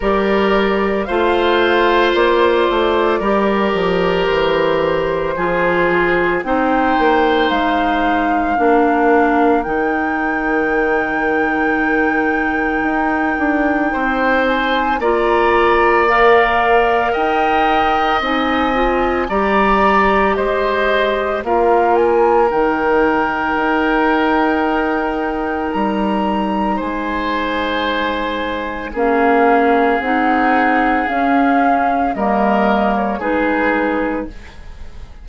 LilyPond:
<<
  \new Staff \with { instrumentName = "flute" } { \time 4/4 \tempo 4 = 56 d''4 f''4 d''2 | c''2 g''4 f''4~ | f''4 g''2.~ | g''4. gis''8 ais''4 f''4 |
g''4 gis''4 ais''4 dis''4 | f''8 gis''8 g''2. | ais''4 gis''2 f''4 | fis''4 f''4 dis''8. cis''16 b'4 | }
  \new Staff \with { instrumentName = "oboe" } { \time 4/4 ais'4 c''2 ais'4~ | ais'4 gis'4 c''2 | ais'1~ | ais'4 c''4 d''2 |
dis''2 d''4 c''4 | ais'1~ | ais'4 c''2 gis'4~ | gis'2 ais'4 gis'4 | }
  \new Staff \with { instrumentName = "clarinet" } { \time 4/4 g'4 f'2 g'4~ | g'4 f'4 dis'2 | d'4 dis'2.~ | dis'2 f'4 ais'4~ |
ais'4 dis'8 f'8 g'2 | f'4 dis'2.~ | dis'2. cis'4 | dis'4 cis'4 ais4 dis'4 | }
  \new Staff \with { instrumentName = "bassoon" } { \time 4/4 g4 a4 ais8 a8 g8 f8 | e4 f4 c'8 ais8 gis4 | ais4 dis2. | dis'8 d'8 c'4 ais2 |
dis'4 c'4 g4 gis4 | ais4 dis4 dis'2 | g4 gis2 ais4 | c'4 cis'4 g4 gis4 | }
>>